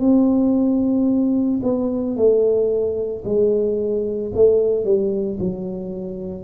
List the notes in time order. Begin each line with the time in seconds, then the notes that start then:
0.00 C4
1.63 B3
2.16 A3
3.25 G#3
4.35 A3
4.85 G3
5.40 F#3